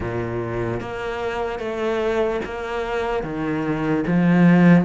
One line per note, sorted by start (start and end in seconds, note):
0.00 0.80 A#2
0.80 1.59 A#3
1.59 2.40 A3
2.44 3.23 A#3
3.23 4.04 D#3
4.06 4.84 F3